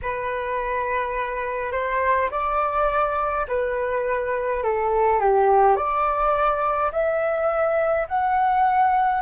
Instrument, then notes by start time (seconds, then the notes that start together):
flute
0.02 B4
1.72 C5
2.31 D5
3.48 B4
4.63 A4
5.20 G4
5.75 D5
6.92 E5
8.08 F#5